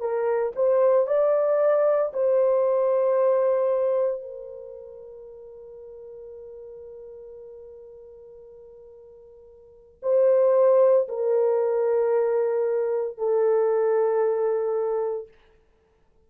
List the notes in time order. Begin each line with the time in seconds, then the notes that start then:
0.00 A#4
0.56 C5
1.07 D5
2.13 C5
4.22 A#4
10.03 C5
11.09 A#4
13.18 A4